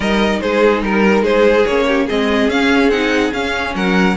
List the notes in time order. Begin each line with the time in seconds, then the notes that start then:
0.00 G3 D#4 A#4 D#5
0.40 G#3 G#4 C5
0.82 G3 A#4
1.22 G#3 G#4 C5
1.65 A#3 C#4 C#5
1.87 G4
2.05 G#3 C4 G#4 D#5
2.47 C#4 F5
2.88 C4 D#4 F#5
3.33 C#4 F5
3.74 F#3 A#4 F#5